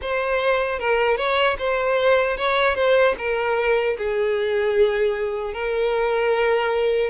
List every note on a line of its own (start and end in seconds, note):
0.01 0.79 C5
0.79 1.17 A#4
1.17 1.56 C#5
1.58 2.37 C5
2.37 2.75 C#5
2.75 3.14 C5
3.18 3.97 A#4
3.97 5.53 G#4
5.53 7.10 A#4